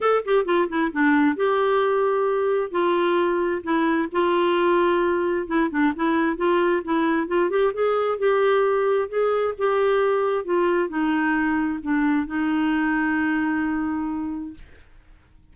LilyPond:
\new Staff \with { instrumentName = "clarinet" } { \time 4/4 \tempo 4 = 132 a'8 g'8 f'8 e'8 d'4 g'4~ | g'2 f'2 | e'4 f'2. | e'8 d'8 e'4 f'4 e'4 |
f'8 g'8 gis'4 g'2 | gis'4 g'2 f'4 | dis'2 d'4 dis'4~ | dis'1 | }